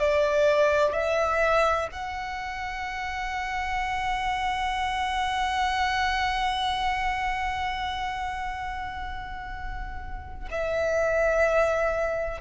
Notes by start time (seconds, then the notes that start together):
0.00 D5
0.93 E5
1.92 F#5
10.51 E5